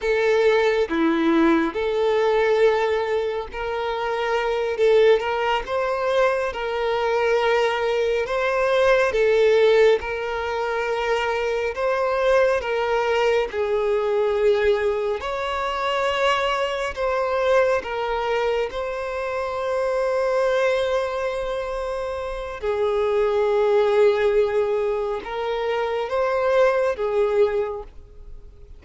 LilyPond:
\new Staff \with { instrumentName = "violin" } { \time 4/4 \tempo 4 = 69 a'4 e'4 a'2 | ais'4. a'8 ais'8 c''4 ais'8~ | ais'4. c''4 a'4 ais'8~ | ais'4. c''4 ais'4 gis'8~ |
gis'4. cis''2 c''8~ | c''8 ais'4 c''2~ c''8~ | c''2 gis'2~ | gis'4 ais'4 c''4 gis'4 | }